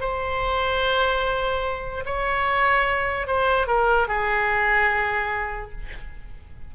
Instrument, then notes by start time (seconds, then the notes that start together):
oboe
0.00 C5
2.06 C#5
3.27 C5
3.67 A#4
4.08 G#4